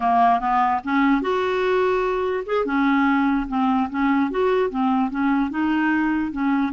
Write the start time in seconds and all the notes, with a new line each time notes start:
0.00 A#3
0.40 B3
0.83 C#4
1.21 F#4
2.45 G#4
2.65 C#4
3.48 C4
3.90 C#4
4.31 F#4
4.70 C4
5.10 C#4
5.50 D#4
6.32 C#4